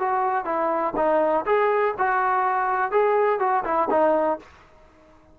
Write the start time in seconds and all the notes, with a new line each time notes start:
0.00 F#4
0.45 E4
0.97 D#4
1.46 G#4
1.98 F#4
2.92 G#4
3.40 F#4
3.65 E4
3.91 D#4